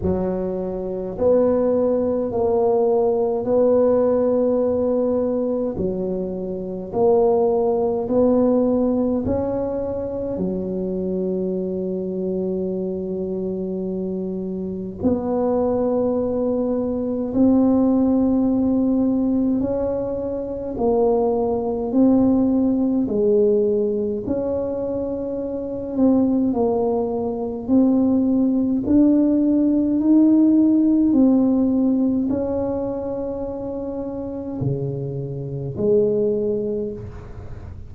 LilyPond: \new Staff \with { instrumentName = "tuba" } { \time 4/4 \tempo 4 = 52 fis4 b4 ais4 b4~ | b4 fis4 ais4 b4 | cis'4 fis2.~ | fis4 b2 c'4~ |
c'4 cis'4 ais4 c'4 | gis4 cis'4. c'8 ais4 | c'4 d'4 dis'4 c'4 | cis'2 cis4 gis4 | }